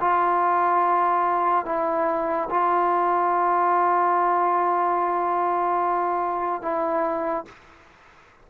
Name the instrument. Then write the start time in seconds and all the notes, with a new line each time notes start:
trombone
0.00 F4
1.65 E4
2.50 F4
6.62 E4